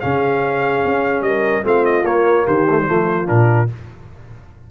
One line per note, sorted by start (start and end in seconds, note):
0.00 0.84 C#3
0.00 1.63 C#4
0.00 1.24 G#4
0.00 1.22 F5
0.84 1.21 C#4
1.21 1.62 G3
1.21 1.64 A#4
1.21 1.63 D#5
1.63 2.03 A3
1.63 2.04 C4
1.63 2.44 F4
1.63 1.85 F5
1.85 2.05 D#5
2.03 2.44 A#3
2.03 2.67 A#3
2.03 2.46 C#5
2.44 2.88 D#3
2.44 2.85 G4
2.44 3.27 C5
2.70 2.80 A3
2.80 2.87 G3
2.87 3.29 F3
2.87 3.25 A3
2.87 3.70 F4
3.25 3.70 A#2
3.25 3.66 D4
3.25 3.68 A#4